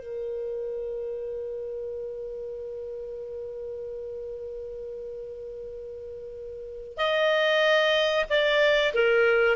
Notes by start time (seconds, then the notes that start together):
0.00 A#4
6.97 D#5
8.30 D5
8.94 A#4